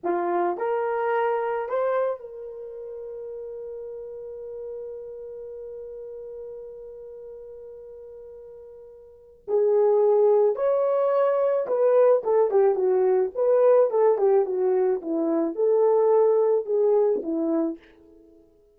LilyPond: \new Staff \with { instrumentName = "horn" } { \time 4/4 \tempo 4 = 108 f'4 ais'2 c''4 | ais'1~ | ais'1~ | ais'1~ |
ais'4 gis'2 cis''4~ | cis''4 b'4 a'8 g'8 fis'4 | b'4 a'8 g'8 fis'4 e'4 | a'2 gis'4 e'4 | }